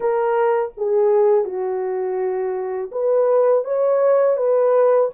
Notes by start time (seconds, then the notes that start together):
0.00 A#4
0.77 G#4
1.44 F#4
2.91 B4
3.64 C#5
4.36 B4